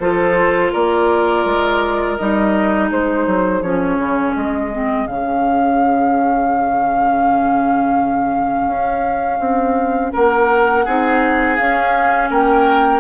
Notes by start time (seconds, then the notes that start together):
0.00 F3 F4 A4 C5
0.73 A#3 A#4 D5
1.46 G#3
2.17 G3 D#4 D#5
2.88 G#3 G#4 C5
3.27 F#3
3.62 F3 C#4 C#5
3.98 C#3
4.36 G#3 D#5
4.72 C4
5.07 C#3 C#4 F5
8.68 C#4
9.40 C4
10.13 A#3 A#4 F#5
10.85 C4 D#4 G#4
11.57 C#4 F5
12.30 A#3 A#4 G5